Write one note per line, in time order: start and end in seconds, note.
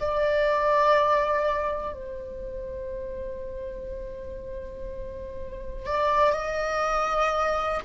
0.00 1.94 D5
1.94 5.87 C5
5.87 6.33 D5
6.33 7.80 D#5